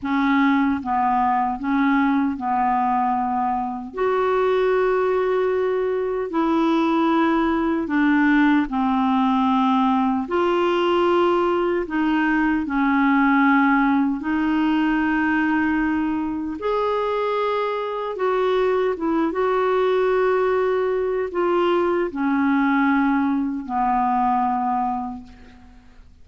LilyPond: \new Staff \with { instrumentName = "clarinet" } { \time 4/4 \tempo 4 = 76 cis'4 b4 cis'4 b4~ | b4 fis'2. | e'2 d'4 c'4~ | c'4 f'2 dis'4 |
cis'2 dis'2~ | dis'4 gis'2 fis'4 | e'8 fis'2~ fis'8 f'4 | cis'2 b2 | }